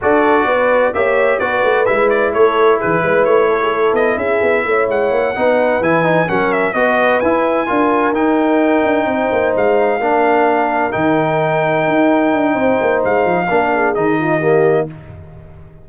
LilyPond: <<
  \new Staff \with { instrumentName = "trumpet" } { \time 4/4 \tempo 4 = 129 d''2 e''4 d''4 | e''8 d''8 cis''4 b'4 cis''4~ | cis''8 dis''8 e''4. fis''4.~ | fis''8 gis''4 fis''8 e''8 dis''4 gis''8~ |
gis''4. g''2~ g''8~ | g''8 f''2. g''8~ | g''1 | f''2 dis''2 | }
  \new Staff \with { instrumentName = "horn" } { \time 4/4 a'4 b'4 cis''4 b'4~ | b'4 a'4 gis'8 b'4 a'16 gis'16 | a'4 gis'4 cis''4. b'8~ | b'4. ais'4 b'4.~ |
b'8 ais'2. c''8~ | c''4. ais'2~ ais'8~ | ais'2. c''4~ | c''4 ais'8 gis'4 f'8 g'4 | }
  \new Staff \with { instrumentName = "trombone" } { \time 4/4 fis'2 g'4 fis'4 | e'1~ | e'2.~ e'8 dis'8~ | dis'8 e'8 dis'8 cis'4 fis'4 e'8~ |
e'8 f'4 dis'2~ dis'8~ | dis'4. d'2 dis'8~ | dis'1~ | dis'4 d'4 dis'4 ais4 | }
  \new Staff \with { instrumentName = "tuba" } { \time 4/4 d'4 b4 ais4 b8 a8 | gis4 a4 e8 gis8 a4~ | a8 b8 cis'8 b8 a8 gis8 ais8 b8~ | b8 e4 fis4 b4 e'8~ |
e'8 d'4 dis'4. d'8 c'8 | ais8 gis4 ais2 dis8~ | dis4. dis'4 d'8 c'8 ais8 | gis8 f8 ais4 dis2 | }
>>